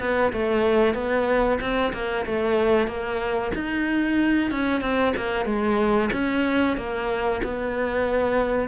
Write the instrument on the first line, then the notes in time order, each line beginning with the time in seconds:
cello
0.00 B3
0.33 A3
0.94 B3
1.60 C4
1.93 A#3
2.26 A3
2.87 A#3
3.55 D#4
4.51 C#4
4.81 C4
5.17 A#3
5.45 G#3
6.13 C#4
6.77 A#3
7.44 B3